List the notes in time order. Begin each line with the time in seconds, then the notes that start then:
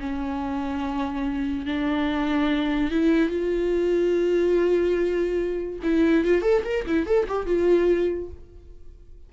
0.00 C#4
1.66 D4
2.91 E4
3.30 F4
5.83 E4
6.25 F4
6.42 A4
6.64 A#4
6.87 E4
7.06 A4
7.28 G4
7.46 F4